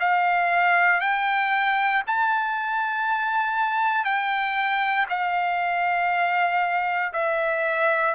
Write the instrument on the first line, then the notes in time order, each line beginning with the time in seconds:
trumpet
0.00 F5
1.01 G5
2.07 A5
4.04 G5
5.09 F5
7.13 E5